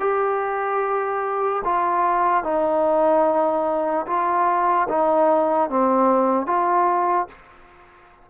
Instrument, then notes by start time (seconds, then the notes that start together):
trombone
0.00 G4
1.64 F4
2.44 D#4
4.07 F4
4.89 D#4
5.69 C4
6.46 F4